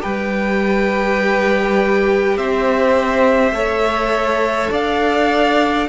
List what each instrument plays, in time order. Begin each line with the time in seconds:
0.00 cello G3, viola G4, violin B4 G5
2.37 cello C4, violin C5 E5
3.51 cello A3, viola A4, violin C#5
4.70 cello D4, violin D5 F5